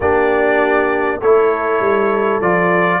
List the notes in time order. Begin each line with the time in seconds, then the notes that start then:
0.00 A#3 D4 G4 D5
1.20 A3 E4 A4 C#5
1.80 G3
2.40 F3 F4 D5